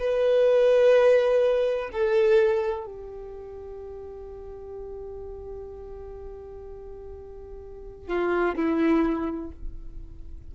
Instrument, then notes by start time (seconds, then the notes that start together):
violin
0.00 B4
1.93 A4
2.86 G4
8.08 F4
8.56 E4